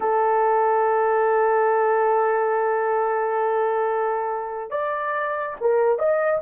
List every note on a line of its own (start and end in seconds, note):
0.00 4.70 A4
4.70 5.56 D5
5.60 5.98 A#4
5.98 6.41 D#5